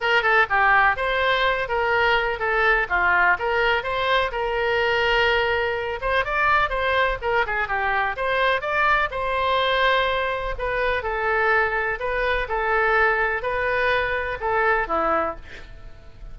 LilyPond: \new Staff \with { instrumentName = "oboe" } { \time 4/4 \tempo 4 = 125 ais'8 a'8 g'4 c''4. ais'8~ | ais'4 a'4 f'4 ais'4 | c''4 ais'2.~ | ais'8 c''8 d''4 c''4 ais'8 gis'8 |
g'4 c''4 d''4 c''4~ | c''2 b'4 a'4~ | a'4 b'4 a'2 | b'2 a'4 e'4 | }